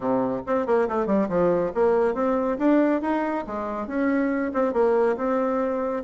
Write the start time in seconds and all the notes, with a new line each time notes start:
0.00 C3
0.46 C4
0.66 A#3
0.88 A3
1.06 G3
1.28 F3
1.74 A#3
2.14 C4
2.58 D4
3.01 D#4
3.46 G#3
3.87 C#4
4.53 C4
4.73 A#3
5.17 C4